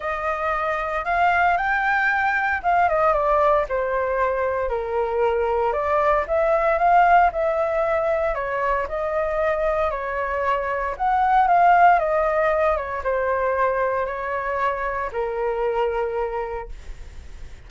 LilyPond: \new Staff \with { instrumentName = "flute" } { \time 4/4 \tempo 4 = 115 dis''2 f''4 g''4~ | g''4 f''8 dis''8 d''4 c''4~ | c''4 ais'2 d''4 | e''4 f''4 e''2 |
cis''4 dis''2 cis''4~ | cis''4 fis''4 f''4 dis''4~ | dis''8 cis''8 c''2 cis''4~ | cis''4 ais'2. | }